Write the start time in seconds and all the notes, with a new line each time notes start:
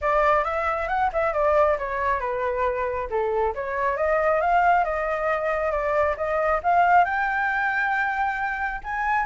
0.01 D5
0.44 E5
0.88 F#5
1.12 E5
1.33 D5
1.78 C#5
2.20 B4
3.09 A4
3.55 C#5
3.96 D#5
4.40 F5
4.84 D#5
5.71 D5
6.16 D#5
6.63 F5
7.04 G5
8.83 G#5